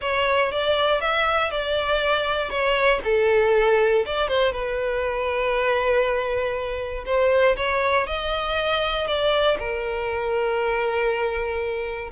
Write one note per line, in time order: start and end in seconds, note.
0.01 0.51 C#5
0.51 1.00 D5
1.00 1.51 E5
1.51 2.50 D5
2.50 3.00 C#5
3.04 4.05 A4
4.05 4.28 D5
4.28 4.52 C5
4.52 7.04 B4
7.05 7.56 C5
7.56 8.06 C#5
8.06 9.07 D#5
9.07 9.57 D5
9.58 12.11 A#4